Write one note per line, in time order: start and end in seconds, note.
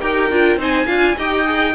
0.00 0.30 D#4
0.00 0.31 G4
0.00 0.58 A#4
0.00 0.58 G5
0.30 0.56 D4
0.30 0.58 F4
0.56 0.85 C4
0.56 0.87 D#4
0.56 0.86 C5
0.56 1.19 G#5
0.86 1.16 D4
0.86 1.16 F4
0.86 1.15 F5
1.17 1.74 D#4
1.17 1.45 G4
1.17 1.74 D#5
1.17 1.74 G5
1.45 1.74 G#4